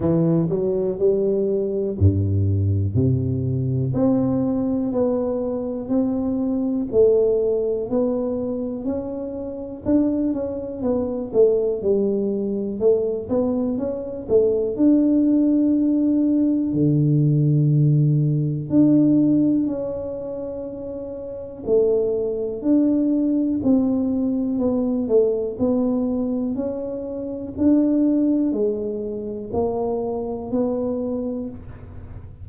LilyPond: \new Staff \with { instrumentName = "tuba" } { \time 4/4 \tempo 4 = 61 e8 fis8 g4 g,4 c4 | c'4 b4 c'4 a4 | b4 cis'4 d'8 cis'8 b8 a8 | g4 a8 b8 cis'8 a8 d'4~ |
d'4 d2 d'4 | cis'2 a4 d'4 | c'4 b8 a8 b4 cis'4 | d'4 gis4 ais4 b4 | }